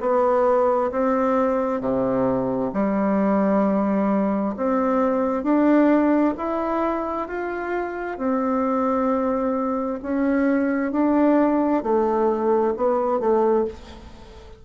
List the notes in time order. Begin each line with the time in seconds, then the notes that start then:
0.00 B3
0.91 C4
1.80 C3
2.73 G3
4.56 C4
5.43 D4
6.37 E4
7.28 F4
8.17 C4
10.02 C#4
10.91 D4
11.82 A3
12.76 B3
13.19 A3